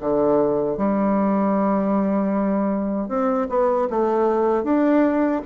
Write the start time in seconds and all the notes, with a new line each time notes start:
0.00 D3
0.77 G3
3.08 C4
3.49 B3
3.90 A3
4.63 D4